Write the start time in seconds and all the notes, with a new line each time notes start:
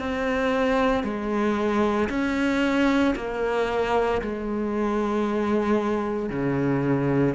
0.00 C4
1.04 G#3
2.10 C#4
3.16 A#3
4.22 G#3
6.30 C#3